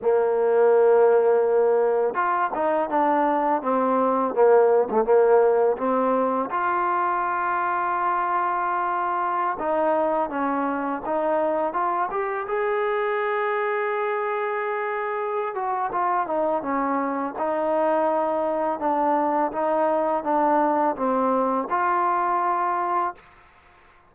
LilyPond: \new Staff \with { instrumentName = "trombone" } { \time 4/4 \tempo 4 = 83 ais2. f'8 dis'8 | d'4 c'4 ais8. a16 ais4 | c'4 f'2.~ | f'4~ f'16 dis'4 cis'4 dis'8.~ |
dis'16 f'8 g'8 gis'2~ gis'8.~ | gis'4. fis'8 f'8 dis'8 cis'4 | dis'2 d'4 dis'4 | d'4 c'4 f'2 | }